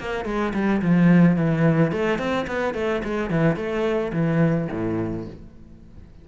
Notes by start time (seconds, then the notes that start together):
0.00 A#3
0.26 G#3
0.54 G3
0.82 F3
1.37 E3
1.92 A3
2.19 C4
2.47 B3
2.75 A3
3.04 G#3
3.31 E3
3.57 A3
4.13 E3
4.72 A2